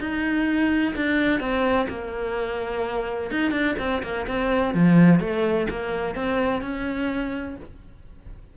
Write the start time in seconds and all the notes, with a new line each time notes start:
0.00 D#4
0.96 D4
1.40 C4
1.89 A#3
3.31 D#4
3.51 D4
3.79 C4
4.03 A#3
4.27 C4
4.74 F3
5.20 A3
5.70 A#3
6.15 C4
6.62 C#4